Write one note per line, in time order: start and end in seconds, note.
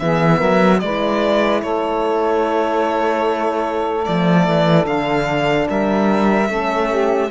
0.00 0.42 E3
0.00 0.81 B3
0.00 0.38 G#4
0.00 0.80 E5
0.38 0.82 F#3
0.38 0.78 A#4
0.80 1.63 G#3
0.80 4.05 E4
0.80 1.62 B4
0.80 1.61 D5
1.62 4.07 A3
1.62 5.68 A4
1.62 4.05 C#5
4.05 4.48 F3
4.05 4.84 A3
4.05 4.86 D5
4.48 4.86 E3
4.84 5.68 D3
4.84 6.46 D4
4.84 5.68 F5
5.70 6.49 G3
5.70 6.50 A#4
5.70 7.31 E5
6.49 7.31 A3
6.49 7.31 C#4
6.49 6.90 A4
6.90 7.30 G4